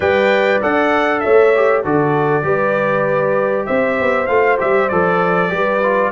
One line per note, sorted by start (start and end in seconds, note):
0.00 0.60 G3
0.00 0.61 B4
0.00 1.22 D5
0.00 0.61 G5
0.61 1.23 D4
0.61 1.53 A4
0.61 1.20 F#5
1.20 1.82 C#5
1.20 1.81 E5
1.26 1.84 A3
1.55 1.84 G4
1.82 2.43 D3
1.82 2.42 F#4
1.82 2.43 A4
1.82 3.66 D5
2.42 3.65 G3
2.42 4.26 G4
2.42 3.66 B4
3.66 3.99 C4
3.66 5.50 C5
3.66 4.26 E5
4.00 4.28 B3
4.26 4.59 A3
4.26 4.58 F4
4.26 4.57 F5
4.58 4.91 G3
4.58 4.89 G4
4.58 4.88 E5
4.88 5.52 F3
4.88 5.49 A4
4.88 6.11 D5
5.49 6.11 G3
5.49 5.79 G4
5.49 6.11 B4
5.82 6.11 F4